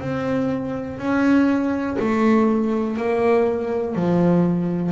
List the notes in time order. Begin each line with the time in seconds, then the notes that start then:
0.00 C4
0.98 C#4
1.99 A3
2.96 A#3
3.95 F3